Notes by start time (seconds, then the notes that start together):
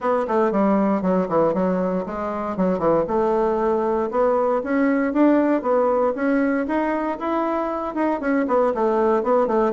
0.00 B3
0.27 A3
0.51 G3
1.01 F#3
1.28 E3
1.53 F#3
2.06 G#3
2.56 F#3
2.78 E3
3.07 A3
4.10 B3
4.63 C#4
5.13 D4
5.62 B3
6.15 C#4
6.67 D#4
7.19 E4
7.95 D#4
8.20 C#4
8.47 B3
8.74 A3
9.23 B3
9.47 A3